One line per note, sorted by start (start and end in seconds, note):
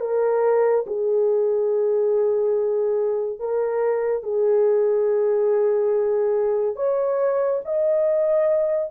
0.00 0.85 A#4
0.86 3.39 G#4
3.39 4.23 A#4
4.23 6.75 G#4
6.75 7.60 C#5
7.64 8.90 D#5